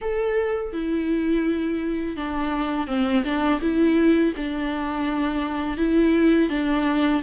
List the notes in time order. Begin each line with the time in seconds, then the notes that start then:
0.01 A4
0.73 E4
2.16 D4
2.87 C4
3.24 D4
3.61 E4
4.36 D4
5.77 E4
6.49 D4